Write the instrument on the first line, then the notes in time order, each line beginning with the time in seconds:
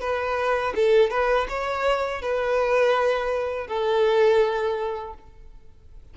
violin
0.00 B4
0.75 A4
1.10 B4
1.49 C#5
2.22 B4
3.67 A4